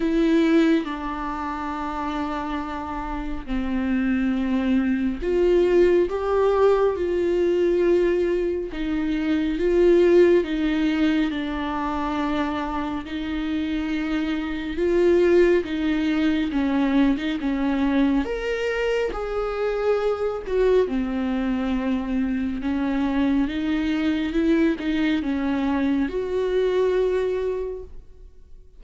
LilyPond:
\new Staff \with { instrumentName = "viola" } { \time 4/4 \tempo 4 = 69 e'4 d'2. | c'2 f'4 g'4 | f'2 dis'4 f'4 | dis'4 d'2 dis'4~ |
dis'4 f'4 dis'4 cis'8. dis'16 | cis'4 ais'4 gis'4. fis'8 | c'2 cis'4 dis'4 | e'8 dis'8 cis'4 fis'2 | }